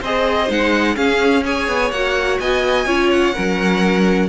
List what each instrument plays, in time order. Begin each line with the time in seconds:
0.00 cello C4, viola G#4, violin C5 D#5
0.48 cello G#3, viola D#4, violin F#5
0.95 viola C#4, cello C#4, violin G#4 F5
1.44 viola G#4, violin C#5 G#5
1.69 cello B3
1.91 cello A#3, viola F#4, violin F#5
2.40 cello B3, violin D#5 G#5
2.87 cello C#4, viola F4, violin C#5
3.11 violin F#5
3.34 cello F#3, viola C#4, violin A#4